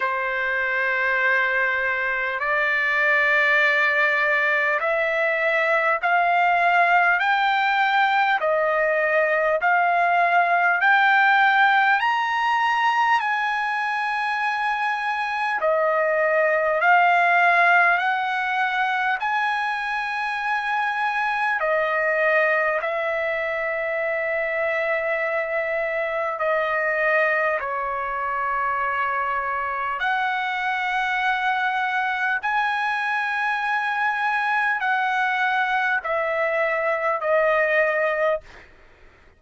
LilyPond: \new Staff \with { instrumentName = "trumpet" } { \time 4/4 \tempo 4 = 50 c''2 d''2 | e''4 f''4 g''4 dis''4 | f''4 g''4 ais''4 gis''4~ | gis''4 dis''4 f''4 fis''4 |
gis''2 dis''4 e''4~ | e''2 dis''4 cis''4~ | cis''4 fis''2 gis''4~ | gis''4 fis''4 e''4 dis''4 | }